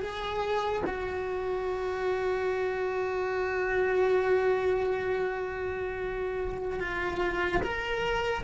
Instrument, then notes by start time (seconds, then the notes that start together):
cello
0.00 G#4
0.86 F#4
6.79 F4
7.62 A#4